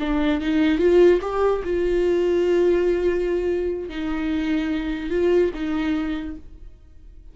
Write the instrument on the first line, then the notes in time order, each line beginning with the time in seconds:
viola
0.00 D4
0.41 D#4
0.79 F4
1.22 G4
1.64 F4
3.89 D#4
5.10 F4
5.54 D#4